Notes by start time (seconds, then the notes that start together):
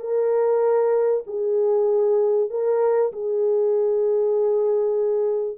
0.00 A#4
1.27 G#4
2.50 A#4
3.13 G#4